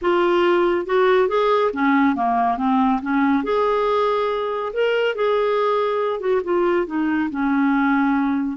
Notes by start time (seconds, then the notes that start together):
0.01 F4
0.86 F#4
1.28 G#4
1.73 C#4
2.15 A#3
2.57 C4
3.02 C#4
3.43 G#4
4.73 A#4
5.15 G#4
6.19 F#4
6.44 F4
6.86 D#4
7.30 C#4